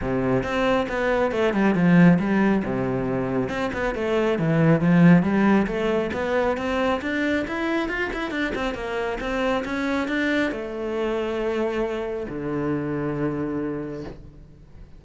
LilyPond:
\new Staff \with { instrumentName = "cello" } { \time 4/4 \tempo 4 = 137 c4 c'4 b4 a8 g8 | f4 g4 c2 | c'8 b8 a4 e4 f4 | g4 a4 b4 c'4 |
d'4 e'4 f'8 e'8 d'8 c'8 | ais4 c'4 cis'4 d'4 | a1 | d1 | }